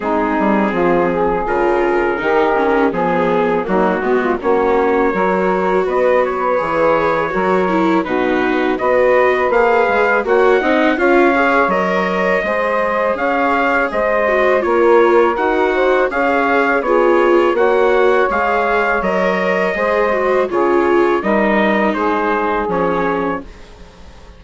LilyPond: <<
  \new Staff \with { instrumentName = "trumpet" } { \time 4/4 \tempo 4 = 82 gis'2 ais'2 | gis'4 fis'4 cis''2 | dis''8 cis''2~ cis''8 b'4 | dis''4 f''4 fis''4 f''4 |
dis''2 f''4 dis''4 | cis''4 fis''4 f''4 cis''4 | fis''4 f''4 dis''2 | cis''4 dis''4 c''4 cis''4 | }
  \new Staff \with { instrumentName = "saxophone" } { \time 4/4 dis'4 f'8 gis'4. g'4 | gis'4 dis'8 fis'16 f'16 fis'4 ais'4 | b'2 ais'4 fis'4 | b'2 cis''8 dis''8 cis''4~ |
cis''4 c''4 cis''4 c''4 | ais'4. c''8 cis''4 gis'4 | cis''2. c''4 | gis'4 ais'4 gis'2 | }
  \new Staff \with { instrumentName = "viola" } { \time 4/4 c'2 f'4 dis'8 cis'8 | b4 ais8 b8 cis'4 fis'4~ | fis'4 gis'4 fis'8 e'8 dis'4 | fis'4 gis'4 fis'8 dis'8 f'8 gis'8 |
ais'4 gis'2~ gis'8 fis'8 | f'4 fis'4 gis'4 f'4 | fis'4 gis'4 ais'4 gis'8 fis'8 | f'4 dis'2 cis'4 | }
  \new Staff \with { instrumentName = "bassoon" } { \time 4/4 gis8 g8 f4 cis4 dis4 | f4 fis8 gis8 ais4 fis4 | b4 e4 fis4 b,4 | b4 ais8 gis8 ais8 c'8 cis'4 |
fis4 gis4 cis'4 gis4 | ais4 dis'4 cis'4 b4 | ais4 gis4 fis4 gis4 | cis4 g4 gis4 f4 | }
>>